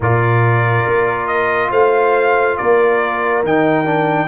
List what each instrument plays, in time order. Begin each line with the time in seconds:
0.00 tuba A#2, trombone F4, horn A#4, trumpet D5
0.86 tuba A#3
1.27 trumpet D#5
1.70 tuba A3, horn C5, trumpet F5
2.57 tuba A#3, horn A#4, trumpet D5
3.43 tuba D#3, trombone D#4, trumpet G5
3.85 trombone D4